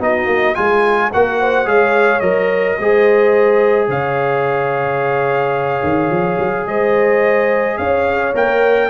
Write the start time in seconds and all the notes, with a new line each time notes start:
0.00 B3 D#4 F#4 D#5
0.26 A#3
0.55 G#3 F4 G#4 G#5
1.13 A#3 F#4 A#4 F#5
1.40 C5
1.66 G#3 G#4 C#5 F5
2.20 F#3 A#4 D#5
2.79 G#3 G#4 C5
3.88 C#3 C#5 F5
5.83 D#3
6.10 F3
6.39 F#3
6.67 G#3 C5 D#5
7.78 C#4 C#5 F5
8.35 A#3 A#4 G5